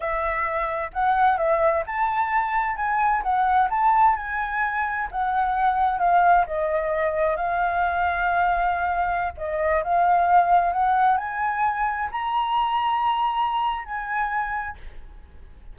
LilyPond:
\new Staff \with { instrumentName = "flute" } { \time 4/4 \tempo 4 = 130 e''2 fis''4 e''4 | a''2 gis''4 fis''4 | a''4 gis''2 fis''4~ | fis''4 f''4 dis''2 |
f''1~ | f''16 dis''4 f''2 fis''8.~ | fis''16 gis''2 ais''4.~ ais''16~ | ais''2 gis''2 | }